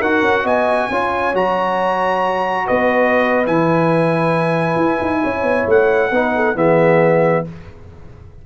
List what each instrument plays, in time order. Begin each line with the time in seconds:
0.00 tuba D#4, trombone F#4, horn A#4, trumpet F#5
0.22 tuba C#4
0.44 tuba B3, horn D#5, trumpet G#5
0.90 tuba C#4, trombone F4, horn C#5
1.34 tuba F#3, trombone F#4, trumpet A#5
2.66 tuba B3, horn B4, trumpet D#5
3.45 tuba E3, trombone E4, trumpet G#5
4.76 tuba E4
5.01 tuba D#4
5.23 tuba C#4, horn C#5
5.43 tuba B3
5.67 tuba A3, trumpet F#5
6.11 tuba B3, trombone D#4, horn B4
6.35 horn A4
6.55 tuba E3, trombone B3, horn G#4, trumpet E5